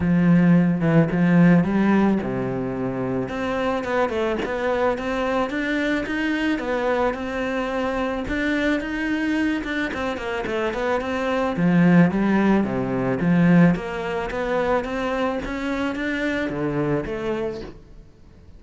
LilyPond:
\new Staff \with { instrumentName = "cello" } { \time 4/4 \tempo 4 = 109 f4. e8 f4 g4 | c2 c'4 b8 a8 | b4 c'4 d'4 dis'4 | b4 c'2 d'4 |
dis'4. d'8 c'8 ais8 a8 b8 | c'4 f4 g4 c4 | f4 ais4 b4 c'4 | cis'4 d'4 d4 a4 | }